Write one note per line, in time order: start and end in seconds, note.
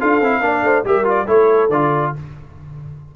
0.00 0.21 D4
0.00 0.22 F4
0.00 0.43 A4
0.00 0.86 F5
0.21 0.41 C4
0.21 0.42 E4
0.41 0.62 A#3
0.41 0.85 D4
0.41 0.65 D5
0.63 0.84 A3
0.63 0.86 C5
0.85 1.28 G3
0.85 1.05 G4
0.85 1.29 A#4
0.85 1.09 E5
1.05 1.26 F4
1.05 1.29 D5
1.27 1.70 A3
1.27 1.70 E4
1.27 2.14 A4
1.27 1.71 C#5
1.70 2.13 D3
1.70 2.16 F4
1.70 2.14 D5